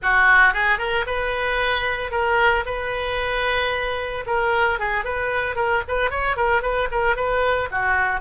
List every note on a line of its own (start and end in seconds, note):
0.02 0.53 F#4
0.53 0.78 G#4
0.78 1.05 A#4
1.06 2.11 B4
2.11 2.64 A#4
2.65 4.24 B4
4.26 4.79 A#4
4.79 5.04 G#4
5.04 5.55 B4
5.55 5.82 A#4
5.88 6.10 B4
6.10 6.36 C#5
6.36 6.62 A#4
6.62 6.88 B4
6.91 7.15 A#4
7.15 7.68 B4
7.71 8.20 F#4